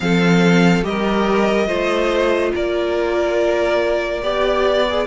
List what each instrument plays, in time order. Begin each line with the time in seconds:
0.00 cello F3, viola C4, violin A4 F5
0.82 cello G3, viola G4, violin A#4 D#5
1.67 cello A3, viola F4, violin C5
2.54 cello A#3, violin A#4 D5
4.22 cello B3, viola G4, violin D5
4.89 viola G#4